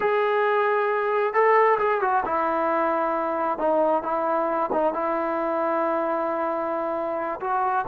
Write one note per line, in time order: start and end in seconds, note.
0.00 1.33 G#4
1.33 1.78 A4
1.78 2.01 G#4
2.01 2.23 F#4
2.25 3.58 E4
3.58 4.02 D#4
4.02 4.69 E4
4.72 4.93 D#4
4.93 7.40 E4
7.40 7.85 F#4